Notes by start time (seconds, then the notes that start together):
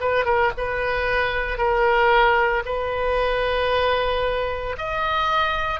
0.00 B4
0.25 A#4
0.57 B4
1.58 A#4
2.66 B4
4.78 D#5